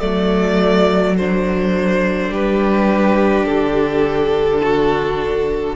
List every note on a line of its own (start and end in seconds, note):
0.00 2.29 F#3
0.00 1.16 A3
0.00 2.31 A4
0.00 1.15 D5
1.18 5.76 D4
1.18 2.33 C5
2.29 3.44 G3
2.29 4.62 G4
2.29 3.45 B4
3.45 5.76 D3
3.45 5.76 A4
4.63 5.76 F#4